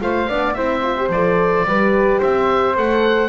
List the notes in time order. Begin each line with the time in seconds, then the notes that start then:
0.00 A3 F4 C5 F5
0.28 B3 D4 D5
0.53 C4 E4 C5 E5
0.82 F4
0.97 G4
1.08 F3 A4 D5
1.65 G3 G4 B4
2.18 C4 C5 E5
2.75 A3 A4 F#5